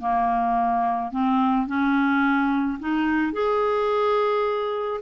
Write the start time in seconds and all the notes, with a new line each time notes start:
0.00 A#3
1.12 C4
1.67 C#4
2.80 D#4
3.33 G#4